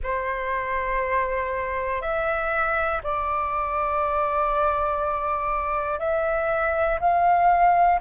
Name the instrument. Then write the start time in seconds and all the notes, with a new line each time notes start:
flute
0.03 C5
2.01 E5
3.03 D5
5.99 E5
7.00 F5